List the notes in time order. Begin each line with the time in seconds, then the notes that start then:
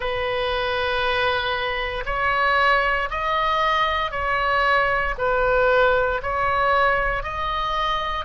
0.00 B4
2.05 C#5
3.10 D#5
4.11 C#5
5.18 B4
6.22 C#5
7.23 D#5